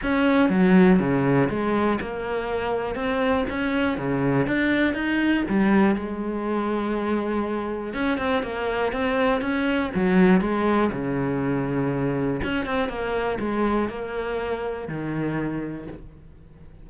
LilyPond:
\new Staff \with { instrumentName = "cello" } { \time 4/4 \tempo 4 = 121 cis'4 fis4 cis4 gis4 | ais2 c'4 cis'4 | cis4 d'4 dis'4 g4 | gis1 |
cis'8 c'8 ais4 c'4 cis'4 | fis4 gis4 cis2~ | cis4 cis'8 c'8 ais4 gis4 | ais2 dis2 | }